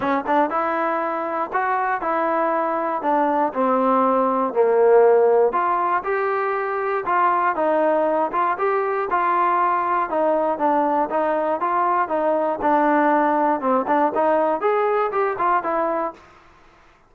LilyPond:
\new Staff \with { instrumentName = "trombone" } { \time 4/4 \tempo 4 = 119 cis'8 d'8 e'2 fis'4 | e'2 d'4 c'4~ | c'4 ais2 f'4 | g'2 f'4 dis'4~ |
dis'8 f'8 g'4 f'2 | dis'4 d'4 dis'4 f'4 | dis'4 d'2 c'8 d'8 | dis'4 gis'4 g'8 f'8 e'4 | }